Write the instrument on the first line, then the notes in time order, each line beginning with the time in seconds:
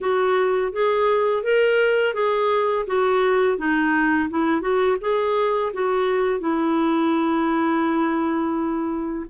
clarinet
0.01 F#4
0.72 G#4
1.43 A#4
2.14 G#4
2.86 F#4
3.57 D#4
4.29 E4
4.61 F#4
5.01 G#4
5.73 F#4
6.39 E4